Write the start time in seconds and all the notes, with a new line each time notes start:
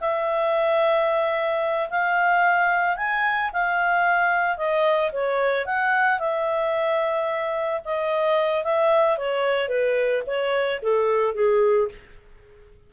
0.00 E5
1.89 F5
2.96 G#5
3.52 F5
4.57 D#5
5.12 C#5
5.65 F#5
6.19 E5
7.84 D#5
8.63 E5
9.17 C#5
9.68 B4
10.26 C#5
10.82 A4
11.34 G#4